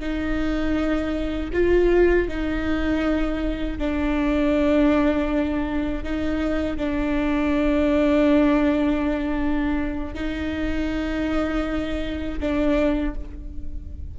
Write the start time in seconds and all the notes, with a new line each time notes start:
0.00 D#4
1.53 F4
2.28 D#4
3.78 D4
6.03 D#4
6.77 D4
10.15 D#4
12.40 D4